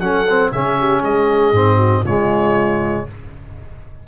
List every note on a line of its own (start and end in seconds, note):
0.00 0.51 F#3
0.00 0.26 C#4
0.00 0.52 A4
0.00 0.51 F#5
0.29 0.53 C4
0.52 1.02 C#3
0.52 1.54 C#4
0.52 0.77 G#4
0.52 1.02 E5
0.79 1.00 G4
1.00 1.52 G#3
1.00 1.76 G#4
1.00 2.05 D#5
1.52 2.03 G#2
1.52 2.05 C4
1.76 2.02 F#4
2.04 3.05 C#3
2.04 3.07 G#3
2.04 3.06 F4
2.04 3.07 C#5